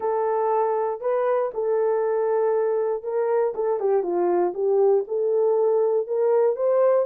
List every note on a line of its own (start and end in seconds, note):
0.00 1.00 A4
1.00 1.51 B4
1.54 3.03 A4
3.03 3.53 A#4
3.54 3.79 A4
3.79 4.02 G4
4.02 4.53 F4
4.54 5.04 G4
5.07 6.07 A4
6.07 6.55 A#4
6.55 7.06 C5